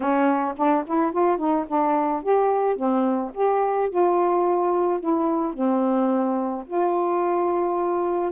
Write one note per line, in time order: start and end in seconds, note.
0.00 0.54 C#4
0.56 0.84 D4
0.86 1.12 E4
1.12 1.37 F4
1.37 1.65 D#4
1.67 2.22 D4
2.22 2.76 G4
2.76 3.31 C4
3.34 3.89 G4
3.89 4.99 F4
4.99 5.53 E4
5.53 6.64 C4
6.66 8.31 F4